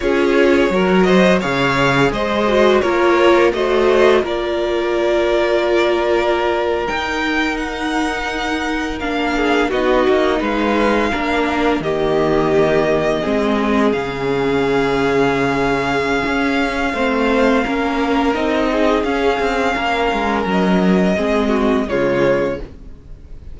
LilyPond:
<<
  \new Staff \with { instrumentName = "violin" } { \time 4/4 \tempo 4 = 85 cis''4. dis''8 f''4 dis''4 | cis''4 dis''4 d''2~ | d''4.~ d''16 g''4 fis''4~ fis''16~ | fis''8. f''4 dis''4 f''4~ f''16~ |
f''8. dis''2. f''16~ | f''1~ | f''2 dis''4 f''4~ | f''4 dis''2 cis''4 | }
  \new Staff \with { instrumentName = "violin" } { \time 4/4 gis'4 ais'8 c''8 cis''4 c''4 | ais'4 c''4 ais'2~ | ais'1~ | ais'4~ ais'16 gis'8 fis'4 b'4 ais'16~ |
ais'8. g'2 gis'4~ gis'16~ | gis'1 | c''4 ais'4. gis'4. | ais'2 gis'8 fis'8 f'4 | }
  \new Staff \with { instrumentName = "viola" } { \time 4/4 f'4 fis'4 gis'4. fis'8 | f'4 fis'4 f'2~ | f'4.~ f'16 dis'2~ dis'16~ | dis'8. d'4 dis'2 d'16~ |
d'8. ais2 c'4 cis'16~ | cis'1 | c'4 cis'4 dis'4 cis'4~ | cis'2 c'4 gis4 | }
  \new Staff \with { instrumentName = "cello" } { \time 4/4 cis'4 fis4 cis4 gis4 | ais4 a4 ais2~ | ais4.~ ais16 dis'2~ dis'16~ | dis'8. ais4 b8 ais8 gis4 ais16~ |
ais8. dis2 gis4 cis16~ | cis2. cis'4 | a4 ais4 c'4 cis'8 c'8 | ais8 gis8 fis4 gis4 cis4 | }
>>